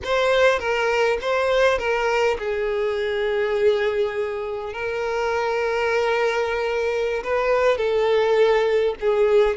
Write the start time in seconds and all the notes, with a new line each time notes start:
0.04 C5
0.59 A#4
1.21 C5
1.78 A#4
2.38 G#4
4.73 A#4
7.23 B4
7.77 A4
9.00 G#4